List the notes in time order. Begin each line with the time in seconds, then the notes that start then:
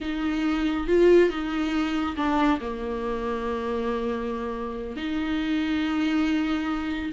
0.00 D#4
0.87 F4
1.29 D#4
2.16 D4
2.60 A#3
4.96 D#4